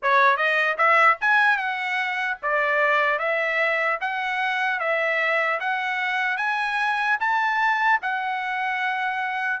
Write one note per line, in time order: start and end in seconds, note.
0.02 0.36 C#5
0.36 0.76 D#5
0.77 1.17 E5
1.20 1.57 G#5
1.57 2.37 F#5
2.42 3.19 D5
3.19 3.99 E5
4.00 4.79 F#5
4.79 5.59 E5
5.60 6.37 F#5
6.37 7.17 G#5
7.20 8.00 A5
8.01 9.60 F#5